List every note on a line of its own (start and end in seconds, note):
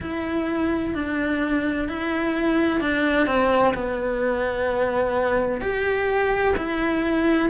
0.00 0.94 E4
0.94 1.88 D4
1.88 2.80 E4
2.80 3.26 D4
3.26 3.73 C4
3.73 5.61 B3
5.61 6.55 G4
6.56 7.49 E4